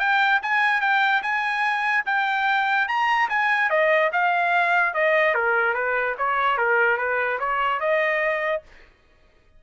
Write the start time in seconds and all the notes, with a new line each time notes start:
0.00 G5
0.43 G#5
0.81 G5
1.23 G#5
2.06 G5
2.88 A#5
3.30 G#5
3.70 D#5
4.13 F5
4.94 D#5
5.35 A#4
5.74 B4
6.18 C#5
6.58 A#4
6.98 B4
7.40 C#5
7.80 D#5